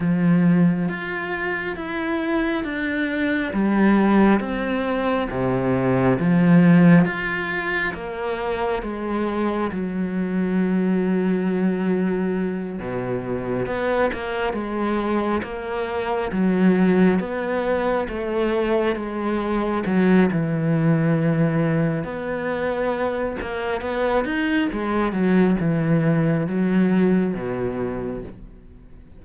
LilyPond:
\new Staff \with { instrumentName = "cello" } { \time 4/4 \tempo 4 = 68 f4 f'4 e'4 d'4 | g4 c'4 c4 f4 | f'4 ais4 gis4 fis4~ | fis2~ fis8 b,4 b8 |
ais8 gis4 ais4 fis4 b8~ | b8 a4 gis4 fis8 e4~ | e4 b4. ais8 b8 dis'8 | gis8 fis8 e4 fis4 b,4 | }